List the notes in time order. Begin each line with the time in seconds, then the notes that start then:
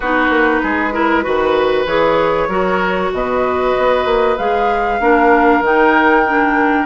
0.00 B3 D#4 F#4 B4
0.29 A#3
0.62 G#3 G#4
0.93 E4 A#4
1.23 D#3 F#4 B4
1.86 E3 G#4 C#5
2.48 F#3 F#4 A#4
3.12 B2 B4 D#5
3.77 B3
4.05 A#3
4.37 G#3 G#4 F5
4.99 A#3 D4 A#4
5.60 D#3 D#4 G5
6.26 D4